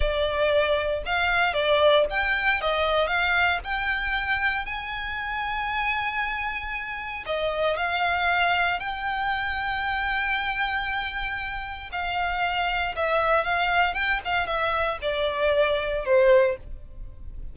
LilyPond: \new Staff \with { instrumentName = "violin" } { \time 4/4 \tempo 4 = 116 d''2 f''4 d''4 | g''4 dis''4 f''4 g''4~ | g''4 gis''2.~ | gis''2 dis''4 f''4~ |
f''4 g''2.~ | g''2. f''4~ | f''4 e''4 f''4 g''8 f''8 | e''4 d''2 c''4 | }